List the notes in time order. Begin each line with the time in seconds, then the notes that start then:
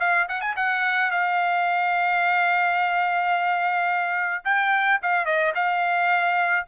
0.00 F5
0.29 F#5
0.41 G#5
0.56 F#5
1.11 F5
4.45 G5
5.03 F5
5.26 D#5
5.55 F5